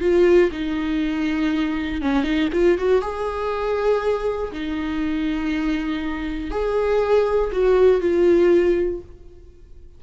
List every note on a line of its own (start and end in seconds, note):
0.00 0.50 F4
0.51 2.01 D#4
2.01 2.23 C#4
2.23 2.48 D#4
2.52 2.77 F4
2.78 3.01 F#4
3.01 4.51 G#4
4.52 6.50 D#4
6.50 7.50 G#4
7.52 8.00 F#4
8.00 9.00 F4